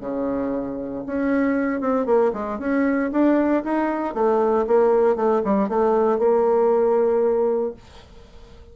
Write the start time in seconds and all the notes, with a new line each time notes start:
0.00 C#3
1.06 C#4
1.81 C4
2.06 A#3
2.33 G#3
2.59 C#4
3.12 D4
3.64 D#4
4.14 A3
4.67 A#3
5.16 A3
5.44 G3
5.68 A3
6.19 A#3